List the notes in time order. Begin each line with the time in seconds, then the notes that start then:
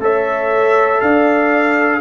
0.00 A3 A4 C#5 E5
1.01 D4 D5 F5